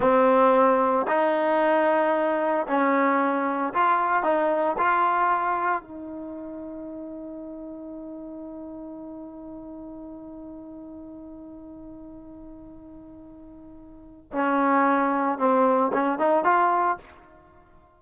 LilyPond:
\new Staff \with { instrumentName = "trombone" } { \time 4/4 \tempo 4 = 113 c'2 dis'2~ | dis'4 cis'2 f'4 | dis'4 f'2 dis'4~ | dis'1~ |
dis'1~ | dis'1~ | dis'2. cis'4~ | cis'4 c'4 cis'8 dis'8 f'4 | }